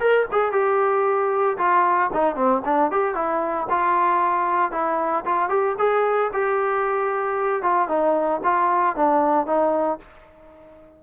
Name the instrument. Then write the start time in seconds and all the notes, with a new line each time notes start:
trombone
0.00 A#4
0.32 G#4
0.52 G4
1.58 F4
2.13 D#4
2.36 C4
2.65 D4
2.91 G4
3.15 E4
3.70 F4
4.72 E4
5.26 F4
5.49 G4
5.78 G#4
6.33 G4
7.62 F4
7.89 D#4
8.44 F4
8.96 D4
9.46 D#4